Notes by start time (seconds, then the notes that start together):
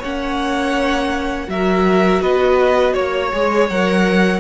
0.00 A#3 C#4 C#5 F#5
1.48 F#3 F#4 A#4 E5
2.22 B3 B4 D#5
2.93 A#3 C#5
3.33 G#3 G#4
3.70 F#3 A#4 F#5